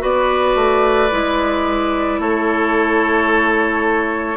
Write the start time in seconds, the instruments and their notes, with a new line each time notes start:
0.00 bassoon B3, clarinet F#4, oboe B4, flute D5
0.55 bassoon A3
1.11 bassoon G#3, clarinet E4
2.19 bassoon A3, oboe A4, flute C#5